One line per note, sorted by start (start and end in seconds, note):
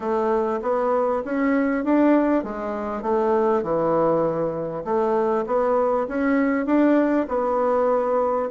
0.00 0.60 A3
0.62 1.22 B3
1.24 1.84 C#4
1.84 2.43 D4
2.43 3.02 G#3
3.02 3.62 A3
3.63 4.84 E3
4.84 5.45 A3
5.46 6.07 B3
6.08 6.65 C#4
6.65 7.26 D4
7.28 8.49 B3